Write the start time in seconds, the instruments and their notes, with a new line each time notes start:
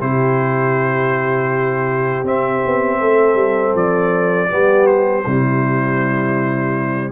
0.00 tuba C3, trombone E4, horn G4, trumpet C5
2.23 tuba C4, trombone C4, trumpet E5
2.66 tuba B3
3.00 tuba A3, horn A4
3.35 tuba G3
3.75 tuba F3, trumpet D5
4.49 tuba G3, trombone B3, horn G4
4.87 trumpet C5
5.26 tuba C3, trombone G3, horn E4